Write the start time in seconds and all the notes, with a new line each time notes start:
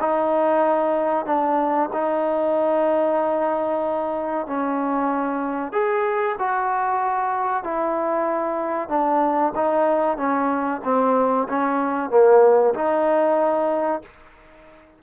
0.00 D#4
1.26 D4
1.93 D#4
4.47 C#4
5.72 G#4
6.39 F#4
7.64 E4
8.89 D4
9.55 D#4
10.17 C#4
10.84 C4
11.49 C#4
12.10 A#3
12.74 D#4